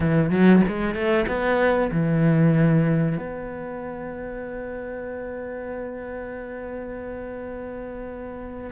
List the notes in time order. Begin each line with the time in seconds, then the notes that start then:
0.00 E3
0.30 F#3
0.68 G#3
0.94 A3
1.27 B3
1.91 E3
3.17 B3